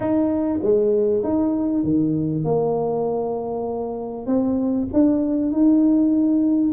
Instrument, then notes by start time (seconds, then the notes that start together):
tuba
0.00 D#4
0.62 G#3
1.23 D#4
1.83 D#3
2.44 A#3
4.26 C4
4.93 D4
5.52 D#4